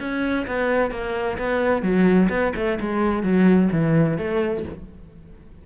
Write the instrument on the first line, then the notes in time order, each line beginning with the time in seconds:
cello
0.00 C#4
0.47 B3
0.92 A#3
1.38 B3
1.82 F#3
2.30 B3
2.56 A3
2.80 G#3
3.23 F#3
3.72 E3
4.18 A3